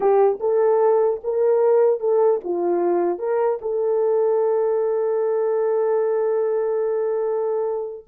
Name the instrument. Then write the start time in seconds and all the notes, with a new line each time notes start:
horn
0.00 G4
0.39 A4
1.23 A#4
2.00 A4
2.43 F4
3.18 A#4
3.61 A4